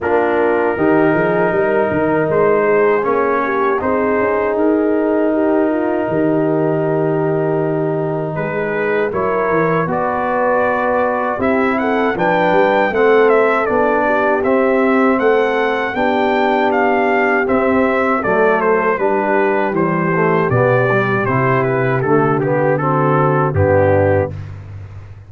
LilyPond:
<<
  \new Staff \with { instrumentName = "trumpet" } { \time 4/4 \tempo 4 = 79 ais'2. c''4 | cis''4 c''4 ais'2~ | ais'2. b'4 | cis''4 d''2 e''8 fis''8 |
g''4 fis''8 e''8 d''4 e''4 | fis''4 g''4 f''4 e''4 | d''8 c''8 b'4 c''4 d''4 | c''8 b'8 a'8 g'8 a'4 g'4 | }
  \new Staff \with { instrumentName = "horn" } { \time 4/4 f'4 g'8 gis'8 ais'4. gis'8~ | gis'8 g'8 gis'2 g'8 f'8 | g'2. gis'4 | ais'4 b'2 g'8 a'8 |
b'4 a'4. g'4. | a'4 g'2. | a'4 g'2.~ | g'2 fis'4 d'4 | }
  \new Staff \with { instrumentName = "trombone" } { \time 4/4 d'4 dis'2. | cis'4 dis'2.~ | dis'1 | e'4 fis'2 e'4 |
d'4 c'4 d'4 c'4~ | c'4 d'2 c'4 | a4 d'4 g8 a8 b8 g8 | e'4 a8 b8 c'4 b4 | }
  \new Staff \with { instrumentName = "tuba" } { \time 4/4 ais4 dis8 f8 g8 dis8 gis4 | ais4 c'8 cis'8 dis'2 | dis2. gis4 | fis8 e8 b2 c'4 |
f8 g8 a4 b4 c'4 | a4 b2 c'4 | fis4 g4 e4 b,4 | c4 d2 g,4 | }
>>